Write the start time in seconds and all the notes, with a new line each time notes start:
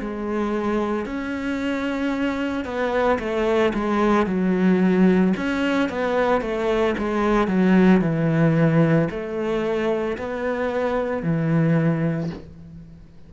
0.00 G#3
1.06 C#4
2.65 B3
3.19 A3
3.74 G#3
4.27 F#3
5.37 C#4
5.89 B3
6.41 A3
6.98 G#3
7.48 F#3
8.02 E3
9.10 A3
10.18 B3
11.23 E3